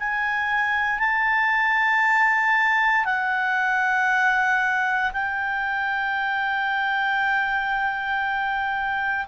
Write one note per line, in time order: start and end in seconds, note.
0.00 1.00 G#5
1.00 3.05 A5
3.05 5.12 F#5
5.13 9.27 G5